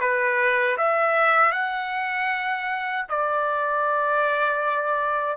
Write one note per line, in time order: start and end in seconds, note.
0.00 0.77 B4
0.78 1.52 E5
1.52 3.06 F#5
3.09 5.37 D5